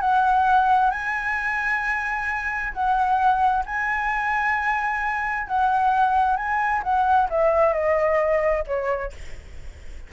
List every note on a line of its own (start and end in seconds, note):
0.00 0.91 F#5
0.91 2.73 G#5
2.73 3.64 F#5
3.65 5.47 G#5
5.47 6.36 F#5
6.36 6.82 G#5
6.83 7.28 F#5
7.29 7.73 E5
7.73 8.64 D#5
8.67 9.12 C#5